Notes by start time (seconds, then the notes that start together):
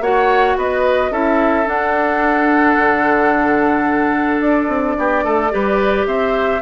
0.00 A#3 F#4 C#5 F#5
0.57 B3 B4 D#5
1.11 C#4 E4 A4 E5
1.64 D4 F#5
2.78 D3
4.41 D4 D5
4.68 C4
4.98 B3 G4
5.24 A3 A4
5.50 G3 G4 B4
6.07 C4 C5 E5